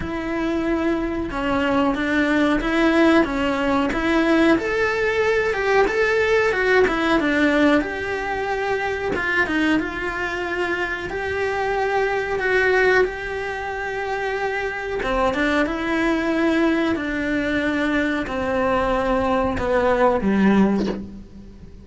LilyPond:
\new Staff \with { instrumentName = "cello" } { \time 4/4 \tempo 4 = 92 e'2 cis'4 d'4 | e'4 cis'4 e'4 a'4~ | a'8 g'8 a'4 fis'8 e'8 d'4 | g'2 f'8 dis'8 f'4~ |
f'4 g'2 fis'4 | g'2. c'8 d'8 | e'2 d'2 | c'2 b4 g4 | }